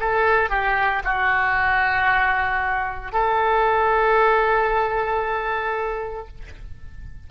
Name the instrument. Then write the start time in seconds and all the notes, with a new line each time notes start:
oboe
0.00 A4
0.50 G4
1.05 F#4
3.12 A4